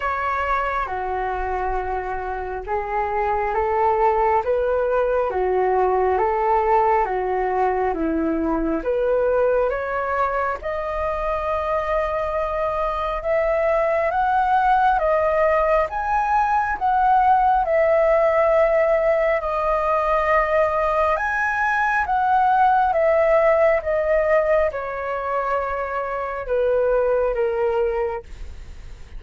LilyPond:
\new Staff \with { instrumentName = "flute" } { \time 4/4 \tempo 4 = 68 cis''4 fis'2 gis'4 | a'4 b'4 fis'4 a'4 | fis'4 e'4 b'4 cis''4 | dis''2. e''4 |
fis''4 dis''4 gis''4 fis''4 | e''2 dis''2 | gis''4 fis''4 e''4 dis''4 | cis''2 b'4 ais'4 | }